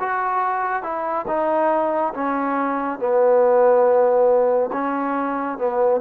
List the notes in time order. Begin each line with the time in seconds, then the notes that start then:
0.00 F#4
0.83 E4
1.28 D#4
2.14 C#4
3.00 B3
4.73 C#4
5.58 B3